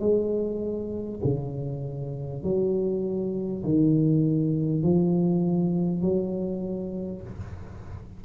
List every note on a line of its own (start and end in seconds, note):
0.00 1.20 G#3
1.24 2.43 C#3
2.43 3.63 F#3
3.63 4.83 D#3
4.83 6.02 F3
6.02 7.22 F#3